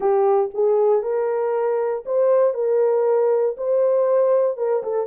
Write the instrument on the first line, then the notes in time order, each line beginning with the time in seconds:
horn
0.00 G4
0.53 G#4
1.02 A#4
2.05 C5
2.54 A#4
3.57 C5
4.57 A#4
4.83 A4